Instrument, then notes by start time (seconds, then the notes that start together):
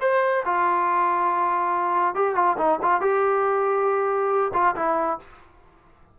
trombone
0.00 C5
0.45 F4
2.14 G4
2.35 F4
2.57 D#4
2.82 F4
3.00 G4
4.53 F4
4.75 E4